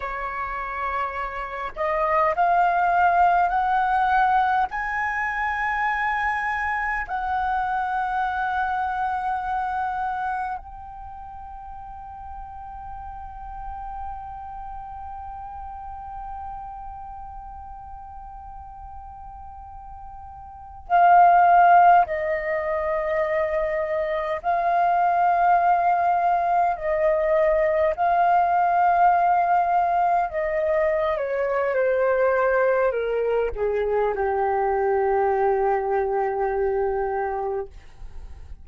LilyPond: \new Staff \with { instrumentName = "flute" } { \time 4/4 \tempo 4 = 51 cis''4. dis''8 f''4 fis''4 | gis''2 fis''2~ | fis''4 g''2.~ | g''1~ |
g''4.~ g''16 f''4 dis''4~ dis''16~ | dis''8. f''2 dis''4 f''16~ | f''4.~ f''16 dis''8. cis''8 c''4 | ais'8 gis'8 g'2. | }